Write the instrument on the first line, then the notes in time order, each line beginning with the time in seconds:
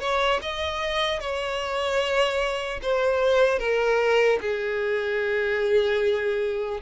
violin
0.00 C#5
0.42 D#5
1.20 C#5
2.82 C5
3.59 A#4
4.41 G#4